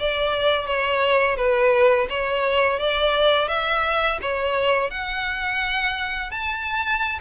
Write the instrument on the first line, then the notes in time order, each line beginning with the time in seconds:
violin
0.00 D5
0.67 C#5
1.37 B4
2.10 C#5
2.79 D5
3.48 E5
4.22 C#5
4.91 F#5
6.31 A5